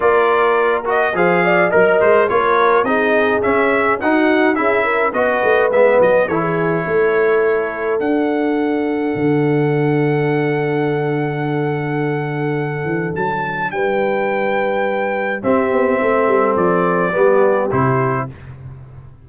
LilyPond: <<
  \new Staff \with { instrumentName = "trumpet" } { \time 4/4 \tempo 4 = 105 d''4. dis''8 f''4 ais'8 c''8 | cis''4 dis''4 e''4 fis''4 | e''4 dis''4 e''8 dis''8 cis''4~ | cis''2 fis''2~ |
fis''1~ | fis''2. a''4 | g''2. e''4~ | e''4 d''2 c''4 | }
  \new Staff \with { instrumentName = "horn" } { \time 4/4 ais'2 c''8 d''8 dis''4 | ais'4 gis'2 fis'4 | gis'8 ais'8 b'2 a'16 gis'8. | a'1~ |
a'1~ | a'1 | b'2. g'4 | a'2 g'2 | }
  \new Staff \with { instrumentName = "trombone" } { \time 4/4 f'4. fis'8 gis'4 ais'4 | f'4 dis'4 cis'4 dis'4 | e'4 fis'4 b4 e'4~ | e'2 d'2~ |
d'1~ | d'1~ | d'2. c'4~ | c'2 b4 e'4 | }
  \new Staff \with { instrumentName = "tuba" } { \time 4/4 ais2 f4 fis8 gis8 | ais4 c'4 cis'4 dis'4 | cis'4 b8 a8 gis8 fis8 e4 | a2 d'2 |
d1~ | d2~ d8 e8 fis4 | g2. c'8 b8 | a8 g8 f4 g4 c4 | }
>>